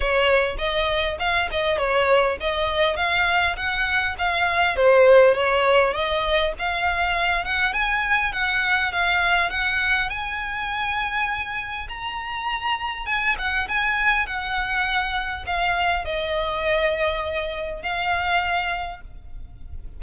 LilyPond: \new Staff \with { instrumentName = "violin" } { \time 4/4 \tempo 4 = 101 cis''4 dis''4 f''8 dis''8 cis''4 | dis''4 f''4 fis''4 f''4 | c''4 cis''4 dis''4 f''4~ | f''8 fis''8 gis''4 fis''4 f''4 |
fis''4 gis''2. | ais''2 gis''8 fis''8 gis''4 | fis''2 f''4 dis''4~ | dis''2 f''2 | }